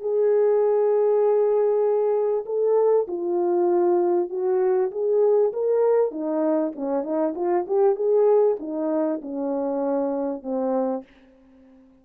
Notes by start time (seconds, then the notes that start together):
0.00 G#4
2.45 A4
3.08 F4
4.30 F#4
4.91 G#4
5.53 A#4
6.11 D#4
6.76 C#4
7.04 D#4
7.35 F4
7.67 G4
7.96 G#4
8.60 D#4
9.22 C#4
10.42 C4